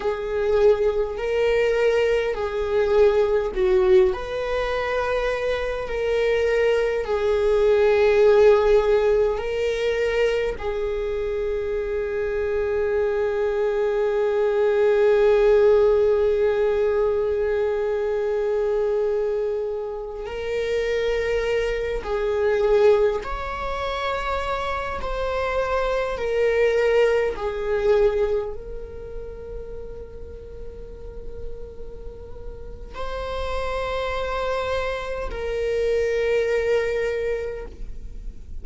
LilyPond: \new Staff \with { instrumentName = "viola" } { \time 4/4 \tempo 4 = 51 gis'4 ais'4 gis'4 fis'8 b'8~ | b'4 ais'4 gis'2 | ais'4 gis'2.~ | gis'1~ |
gis'4~ gis'16 ais'4. gis'4 cis''16~ | cis''4~ cis''16 c''4 ais'4 gis'8.~ | gis'16 ais'2.~ ais'8. | c''2 ais'2 | }